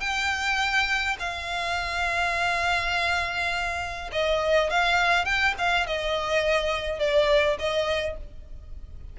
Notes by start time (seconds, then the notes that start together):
0.00 G5
1.19 F5
4.12 D#5
4.70 F5
5.25 G5
5.58 F5
5.86 D#5
6.99 D5
7.59 D#5